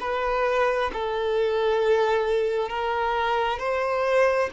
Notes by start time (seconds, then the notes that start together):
0.00 B4
0.93 A4
2.69 A#4
3.59 C5